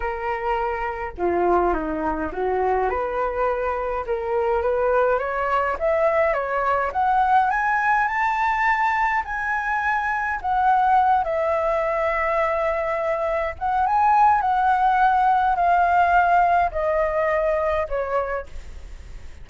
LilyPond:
\new Staff \with { instrumentName = "flute" } { \time 4/4 \tempo 4 = 104 ais'2 f'4 dis'4 | fis'4 b'2 ais'4 | b'4 cis''4 e''4 cis''4 | fis''4 gis''4 a''2 |
gis''2 fis''4. e''8~ | e''2.~ e''8 fis''8 | gis''4 fis''2 f''4~ | f''4 dis''2 cis''4 | }